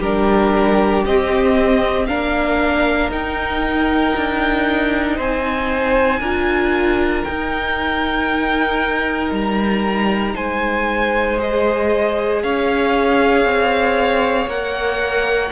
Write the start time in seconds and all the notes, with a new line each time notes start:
0.00 G3 D4 G4 A#4
1.06 C4 D#5
2.06 A#3 D4 A#4 F5
3.11 D#4 G5
4.16 D4
5.16 C4 C5 G#5
6.20 D4 F4 A#4
7.24 D#4 G5
9.31 G3 A#5
10.36 G#3 C5 G#5
11.38 G#4 D#5
12.43 C#4 C#5 F5
13.45 C4
14.47 A#3 A#4 F#5